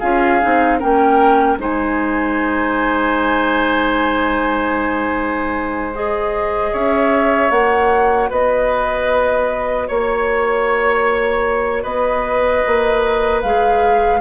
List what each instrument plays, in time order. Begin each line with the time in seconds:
0.00 bassoon C#4, clarinet F4, oboe G#4, flute F5
0.41 bassoon C4, clarinet D#4
0.79 bassoon A#3, clarinet C#4, oboe A#4, flute G5
1.58 bassoon G#3, clarinet D#4, oboe C5, flute G#5
5.94 clarinet G#4, flute D#5
6.72 bassoon C#4, oboe C#5, flute E5
7.50 bassoon A#3, clarinet F#4, flute F#5
8.30 bassoon B3, oboe B4, flute D#5
9.88 bassoon A#3, oboe C#5, flute C#5
11.83 bassoon B3, oboe B4, flute D#5
12.67 bassoon A#3
13.42 bassoon G#3, clarinet G#4, flute F5